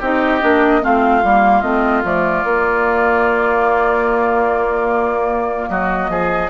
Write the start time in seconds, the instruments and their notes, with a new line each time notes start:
0.00 bassoon C4, clarinet D#4, oboe G4, flute D#5
0.41 bassoon A#3, clarinet D4
0.82 bassoon A3, clarinet C4, oboe F4, flute F5
1.24 bassoon G3, clarinet A#3
1.62 bassoon A3, clarinet C4, flute D#5
2.04 bassoon F3, clarinet A3, flute D5
2.44 bassoon A#3, clarinet A#3
5.69 bassoon F#3, oboe F#4, flute D#5
6.09 bassoon F3, oboe G#4